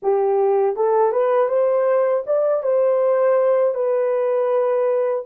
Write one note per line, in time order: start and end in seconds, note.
0.02 0.76 G4
0.76 1.11 A4
1.11 1.49 B4
1.49 2.24 C5
2.26 2.62 D5
2.62 3.74 C5
3.74 5.24 B4